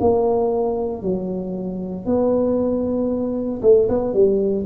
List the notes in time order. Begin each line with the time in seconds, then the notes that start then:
0.00 A#3
1.02 F#3
2.05 B3
3.62 A3
3.88 B3
4.13 G3